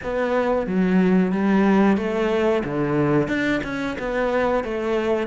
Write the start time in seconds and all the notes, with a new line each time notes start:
0.03 B3
0.66 F#3
1.32 G3
1.97 A3
2.64 D3
3.28 D4
3.63 C#4
3.98 B3
4.64 A3